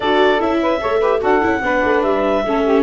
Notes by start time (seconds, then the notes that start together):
0.00 D4 F#4 A4 D5
0.39 C#4 E4 E5
0.61 B4
0.80 A3 A4 C#5
0.99 G4 B4
1.20 D4 F#4 A4 F#5
1.41 C#4 E4
1.61 B3 D4 B4
1.83 A3
2.02 G3 E5
2.45 A3 C#4 A4
2.63 G4